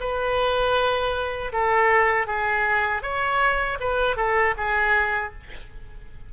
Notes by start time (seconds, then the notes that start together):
0.00 B4
1.53 A4
2.27 G#4
3.02 C#5
3.80 B4
4.17 A4
4.57 G#4